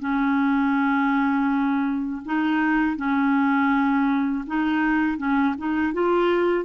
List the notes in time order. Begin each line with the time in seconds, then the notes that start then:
0.00 C#4
2.26 D#4
2.97 C#4
4.47 D#4
5.18 C#4
5.59 D#4
5.94 F4